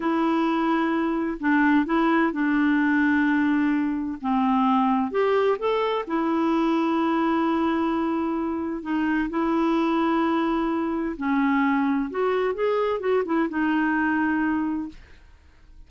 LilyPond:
\new Staff \with { instrumentName = "clarinet" } { \time 4/4 \tempo 4 = 129 e'2. d'4 | e'4 d'2.~ | d'4 c'2 g'4 | a'4 e'2.~ |
e'2. dis'4 | e'1 | cis'2 fis'4 gis'4 | fis'8 e'8 dis'2. | }